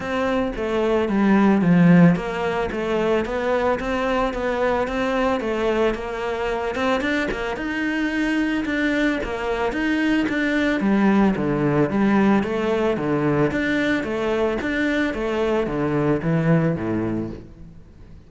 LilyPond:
\new Staff \with { instrumentName = "cello" } { \time 4/4 \tempo 4 = 111 c'4 a4 g4 f4 | ais4 a4 b4 c'4 | b4 c'4 a4 ais4~ | ais8 c'8 d'8 ais8 dis'2 |
d'4 ais4 dis'4 d'4 | g4 d4 g4 a4 | d4 d'4 a4 d'4 | a4 d4 e4 a,4 | }